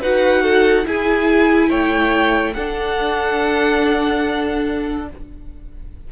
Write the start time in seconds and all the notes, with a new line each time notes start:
0.00 D#4 F#4 B4 F#5
0.42 A4
0.84 E4 G#4 G#5
1.68 A3 C#5 G5
2.53 D4 A4 F#5